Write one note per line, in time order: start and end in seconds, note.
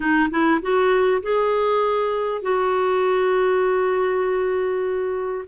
0.00 0.29 D#4
0.30 0.60 E4
0.61 1.22 F#4
1.22 2.42 G#4
2.42 5.45 F#4